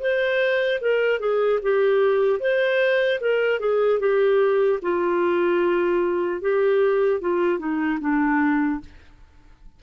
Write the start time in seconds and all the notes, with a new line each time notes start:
0.00 C5
0.81 A#4
1.20 G#4
1.63 G4
2.40 C5
3.21 A#4
3.60 G#4
4.00 G4
4.83 F4
6.41 G4
7.21 F4
7.59 D#4
8.01 D4